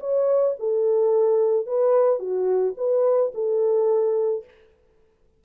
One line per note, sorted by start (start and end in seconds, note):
0.00 0.55 C#5
0.59 1.66 A4
1.66 2.19 B4
2.19 2.74 F#4
2.77 3.32 B4
3.35 4.45 A4